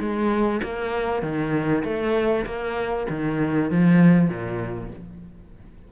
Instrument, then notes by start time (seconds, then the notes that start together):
cello
0.00 G#3
0.63 A#3
1.22 D#3
1.85 A3
2.46 A#3
3.10 D#3
3.71 F3
4.29 A#2